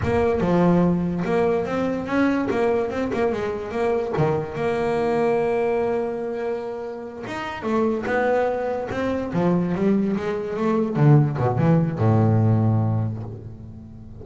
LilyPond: \new Staff \with { instrumentName = "double bass" } { \time 4/4 \tempo 4 = 145 ais4 f2 ais4 | c'4 cis'4 ais4 c'8 ais8 | gis4 ais4 dis4 ais4~ | ais1~ |
ais4. dis'4 a4 b8~ | b4. c'4 f4 g8~ | g8 gis4 a4 d4 b,8 | e4 a,2. | }